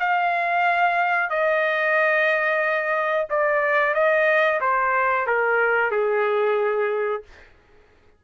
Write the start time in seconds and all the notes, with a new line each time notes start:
0.00 F5
1.30 D#5
3.30 D5
3.95 D#5
4.61 C5
5.27 A#4
5.92 G#4